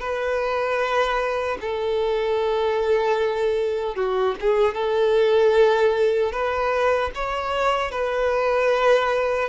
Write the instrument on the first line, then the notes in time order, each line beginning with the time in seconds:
violin
0.00 B4
1.61 A4
3.96 F#4
4.41 G#4
4.74 A4
6.32 B4
7.15 C#5
7.92 B4